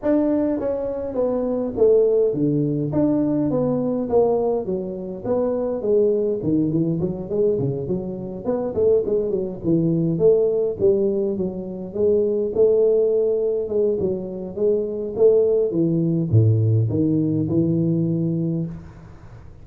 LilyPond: \new Staff \with { instrumentName = "tuba" } { \time 4/4 \tempo 4 = 103 d'4 cis'4 b4 a4 | d4 d'4 b4 ais4 | fis4 b4 gis4 dis8 e8 | fis8 gis8 cis8 fis4 b8 a8 gis8 |
fis8 e4 a4 g4 fis8~ | fis8 gis4 a2 gis8 | fis4 gis4 a4 e4 | a,4 dis4 e2 | }